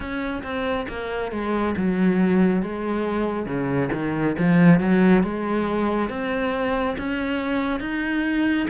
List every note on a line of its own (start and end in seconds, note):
0.00 0.42 C#4
0.43 0.87 C4
0.88 1.31 A#3
1.31 1.75 G#3
1.76 2.62 F#3
2.62 3.45 G#3
3.45 3.89 C#3
3.92 4.36 D#3
4.38 4.79 F3
4.79 5.23 F#3
5.23 6.09 G#3
6.09 6.96 C4
6.98 7.80 C#4
7.80 8.67 D#4